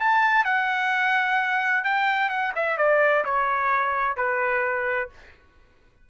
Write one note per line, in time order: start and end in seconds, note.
0.00 0.45 A5
0.45 1.84 F#5
1.84 2.29 G5
2.29 2.53 F#5
2.55 2.78 E5
2.78 3.24 D5
3.25 4.17 C#5
4.17 5.10 B4